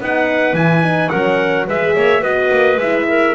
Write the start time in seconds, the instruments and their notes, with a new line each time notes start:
0.00 double bass B3, horn D#4, clarinet B4, trumpet F#5
0.54 double bass E3, horn E4, trumpet G#5
0.83 horn D#4
1.09 double bass F#3, horn C#4, clarinet A#4, trumpet F#5
1.67 double bass G#3, horn G#4, clarinet B4, trumpet E5
1.96 double bass A#3, clarinet C#5
2.21 double bass B3, horn F#4, clarinet B4, trumpet D#5
2.52 double bass A#3
2.77 double bass G#3, horn E4, trumpet E5
3.08 clarinet A#4